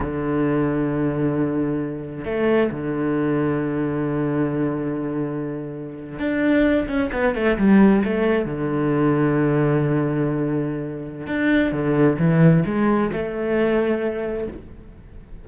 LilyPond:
\new Staff \with { instrumentName = "cello" } { \time 4/4 \tempo 4 = 133 d1~ | d4 a4 d2~ | d1~ | d4.~ d16 d'4. cis'8 b16~ |
b16 a8 g4 a4 d4~ d16~ | d1~ | d4 d'4 d4 e4 | gis4 a2. | }